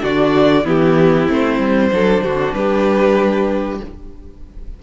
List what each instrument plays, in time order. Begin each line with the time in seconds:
0.00 cello D3, viola D4, violin F#4 D5
0.64 cello E3, viola B3, violin E4 G4
1.27 cello A3, viola C4, violin C5
1.59 cello G3
1.91 cello F#3, viola D4, violin A4
2.21 cello D3, violin F#4
2.53 cello G3, violin G4 B4